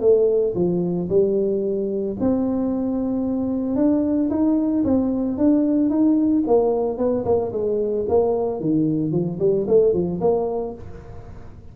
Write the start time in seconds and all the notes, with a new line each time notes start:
0.00 A3
0.55 F3
1.09 G3
2.20 C4
3.76 D4
4.30 D#4
4.84 C4
5.37 D4
5.90 D#4
6.47 A#3
6.97 B3
7.25 A#3
7.52 G#3
8.08 A#3
8.60 D#3
9.11 F3
9.39 G3
9.67 A3
9.93 F3
10.20 A#3